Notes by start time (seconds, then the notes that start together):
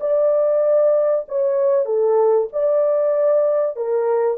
0.00 D5
1.28 C#5
1.85 A4
2.53 D5
3.76 A#4